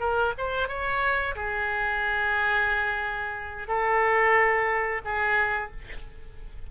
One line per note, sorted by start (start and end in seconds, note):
0.00 0.33 A#4
0.38 0.69 C5
0.69 1.35 C#5
1.36 3.68 G#4
3.68 5.02 A4
5.05 5.72 G#4